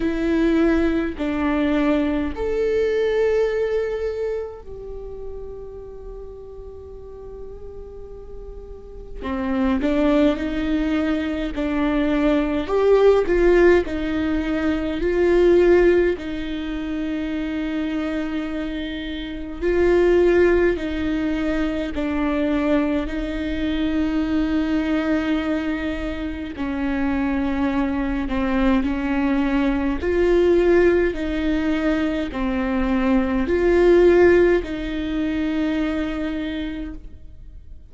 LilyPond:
\new Staff \with { instrumentName = "viola" } { \time 4/4 \tempo 4 = 52 e'4 d'4 a'2 | g'1 | c'8 d'8 dis'4 d'4 g'8 f'8 | dis'4 f'4 dis'2~ |
dis'4 f'4 dis'4 d'4 | dis'2. cis'4~ | cis'8 c'8 cis'4 f'4 dis'4 | c'4 f'4 dis'2 | }